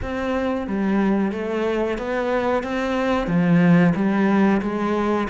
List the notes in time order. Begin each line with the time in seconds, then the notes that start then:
0.02 C4
0.67 G3
1.32 A3
1.98 B3
2.63 C4
3.27 F3
3.95 G3
4.61 G#3